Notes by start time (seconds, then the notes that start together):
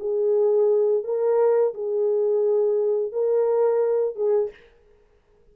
0.00 G#4
1.04 A#4
1.75 G#4
3.13 A#4
4.16 G#4